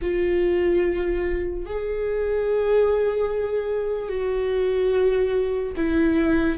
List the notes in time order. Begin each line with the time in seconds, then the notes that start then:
0.01 F4
1.65 G#4
4.09 F#4
5.76 E4